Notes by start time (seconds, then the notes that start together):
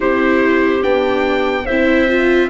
0.00 C4 E4 G4 C5
0.82 B3 D4 G5
1.64 C4 C5 E5
1.70 E4
2.08 F4